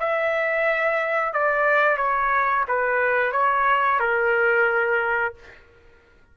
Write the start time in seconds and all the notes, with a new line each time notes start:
0.00 E5
1.34 D5
1.98 C#5
2.68 B4
3.32 C#5
4.00 A#4